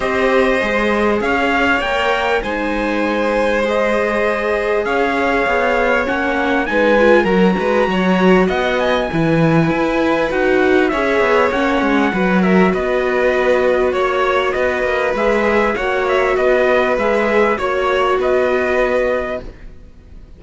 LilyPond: <<
  \new Staff \with { instrumentName = "trumpet" } { \time 4/4 \tempo 4 = 99 dis''2 f''4 g''4 | gis''2 dis''2 | f''2 fis''4 gis''4 | ais''2 fis''8 gis''4.~ |
gis''4 fis''4 e''4 fis''4~ | fis''8 e''8 dis''2 cis''4 | dis''4 e''4 fis''8 e''8 dis''4 | e''4 cis''4 dis''2 | }
  \new Staff \with { instrumentName = "violin" } { \time 4/4 c''2 cis''2 | c''1 | cis''2. b'4 | ais'8 b'8 cis''4 dis''4 b'4~ |
b'2 cis''2 | b'8 ais'8 b'2 cis''4 | b'2 cis''4 b'4~ | b'4 cis''4 b'2 | }
  \new Staff \with { instrumentName = "viola" } { \time 4/4 g'4 gis'2 ais'4 | dis'2 gis'2~ | gis'2 cis'4 dis'8 f'8 | fis'2. e'4~ |
e'4 fis'4 gis'4 cis'4 | fis'1~ | fis'4 gis'4 fis'2 | gis'4 fis'2. | }
  \new Staff \with { instrumentName = "cello" } { \time 4/4 c'4 gis4 cis'4 ais4 | gis1 | cis'4 b4 ais4 gis4 | fis8 gis8 fis4 b4 e4 |
e'4 dis'4 cis'8 b8 ais8 gis8 | fis4 b2 ais4 | b8 ais8 gis4 ais4 b4 | gis4 ais4 b2 | }
>>